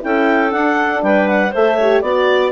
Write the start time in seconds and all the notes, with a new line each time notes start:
0.00 C#4 E4 A4 G5
0.51 D4 F#5
1.03 G3 B4 G5
1.28 F#5
1.51 A3 A4 C5 E5
1.77 G4 C#5
2.01 B3 F#4 D5